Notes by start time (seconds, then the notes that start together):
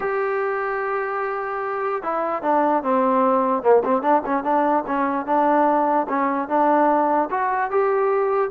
0.00 G4
2.02 E4
2.42 D4
2.83 C4
3.62 A#3
3.84 C4
4.01 D4
4.25 C#4
4.43 D4
4.86 C#4
5.26 D4
6.08 C#4
6.48 D4
7.30 F#4
7.70 G4